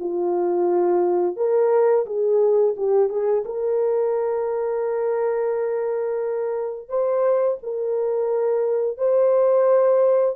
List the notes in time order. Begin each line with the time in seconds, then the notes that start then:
0.00 F4
1.37 A#4
2.06 G#4
2.77 G4
3.09 G#4
3.46 A#4
6.89 C5
7.63 A#4
8.98 C5